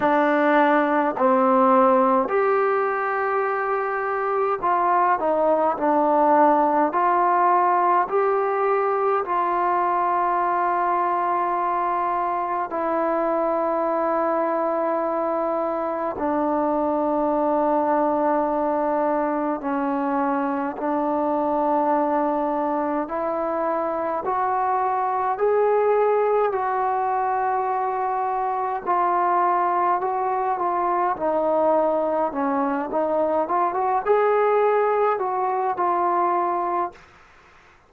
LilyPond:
\new Staff \with { instrumentName = "trombone" } { \time 4/4 \tempo 4 = 52 d'4 c'4 g'2 | f'8 dis'8 d'4 f'4 g'4 | f'2. e'4~ | e'2 d'2~ |
d'4 cis'4 d'2 | e'4 fis'4 gis'4 fis'4~ | fis'4 f'4 fis'8 f'8 dis'4 | cis'8 dis'8 f'16 fis'16 gis'4 fis'8 f'4 | }